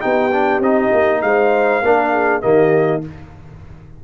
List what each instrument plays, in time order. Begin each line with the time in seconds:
0.00 tuba B3, trombone D#4, horn G4, trumpet G5
0.32 trombone D4
0.59 tuba C4, trombone D#4, trumpet D#5
0.92 tuba A#3
1.21 tuba G#3, horn C5, trumpet F5
1.82 tuba A#3, trombone D4, horn A#4
2.12 horn G#4
2.41 tuba D#3, trombone A#3, horn G4, trumpet D#5